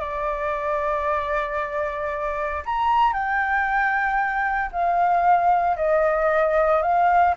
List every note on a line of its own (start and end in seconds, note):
0.00 2.63 D5
2.66 3.13 A#5
3.13 4.71 G5
4.72 5.77 F5
5.77 6.83 D#5
6.83 7.35 F5